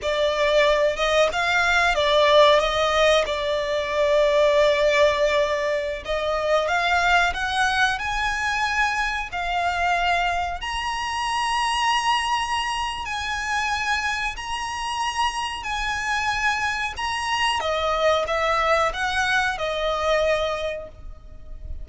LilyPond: \new Staff \with { instrumentName = "violin" } { \time 4/4 \tempo 4 = 92 d''4. dis''8 f''4 d''4 | dis''4 d''2.~ | d''4~ d''16 dis''4 f''4 fis''8.~ | fis''16 gis''2 f''4.~ f''16~ |
f''16 ais''2.~ ais''8. | gis''2 ais''2 | gis''2 ais''4 dis''4 | e''4 fis''4 dis''2 | }